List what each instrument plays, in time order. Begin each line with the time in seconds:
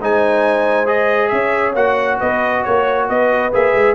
0.00 tuba G#3, trombone D#4, horn C5, trumpet G#5
0.85 trombone G#4, trumpet D#5
1.28 tuba C#4, horn C#5, trumpet E5
1.75 tuba A#3, trombone F#4, trumpet F#5
2.18 tuba B3, horn B4, trumpet D#5
2.64 tuba A#3, trumpet C#5, horn C#5
3.09 tuba B3, horn B4, trumpet D#5
3.52 tuba A#3, trombone G#4, trumpet E5
3.74 tuba G#3